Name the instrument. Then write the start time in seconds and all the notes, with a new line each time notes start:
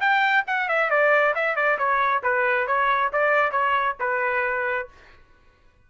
trumpet
0.00 G5
0.47 F#5
0.68 E5
0.90 D5
1.35 E5
1.56 D5
1.78 C#5
2.23 B4
2.67 C#5
3.13 D5
3.52 C#5
4.00 B4